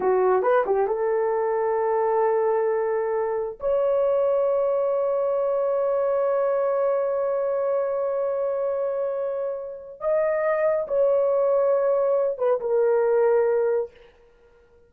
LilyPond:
\new Staff \with { instrumentName = "horn" } { \time 4/4 \tempo 4 = 138 fis'4 b'8 g'8 a'2~ | a'1~ | a'16 cis''2.~ cis''8.~ | cis''1~ |
cis''1~ | cis''2. dis''4~ | dis''4 cis''2.~ | cis''8 b'8 ais'2. | }